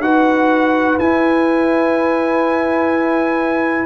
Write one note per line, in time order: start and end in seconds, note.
0.00 0.97 D#4
0.00 1.00 F#4
0.00 3.86 B4
0.00 0.99 F#5
0.99 3.86 E4
0.99 3.86 G#5